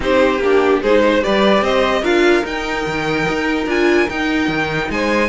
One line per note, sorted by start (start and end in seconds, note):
0.00 0.38 C4
0.00 0.40 D#4
0.00 0.82 G4
0.00 0.42 C5
0.38 0.79 A#3
0.38 0.84 D4
0.38 0.82 G4
0.82 1.23 G#3
0.82 1.22 D#4
0.82 1.02 G#4
0.82 1.23 C5
1.06 1.23 C5
1.22 1.61 G3
1.22 2.03 G4
1.22 1.63 B4
1.22 1.63 D5
1.61 2.02 C4
1.61 2.01 C5
1.61 2.04 D#5
2.01 2.43 D4
2.01 2.42 F4
2.01 4.87 A#4
2.01 2.45 F5
2.42 3.65 D#4
2.42 2.85 D#4
2.42 3.68 G5
2.86 3.27 D#3
3.28 3.66 D#4
3.66 4.07 D4
3.66 4.08 F4
3.66 4.09 G#5
4.09 5.28 D#4
4.09 4.47 D#4
4.09 4.90 G5
4.47 4.88 D#3
4.89 5.28 G#3
4.89 5.28 C5
4.89 5.28 G#5